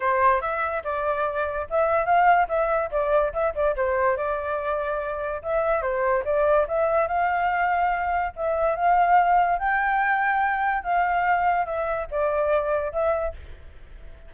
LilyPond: \new Staff \with { instrumentName = "flute" } { \time 4/4 \tempo 4 = 144 c''4 e''4 d''2 | e''4 f''4 e''4 d''4 | e''8 d''8 c''4 d''2~ | d''4 e''4 c''4 d''4 |
e''4 f''2. | e''4 f''2 g''4~ | g''2 f''2 | e''4 d''2 e''4 | }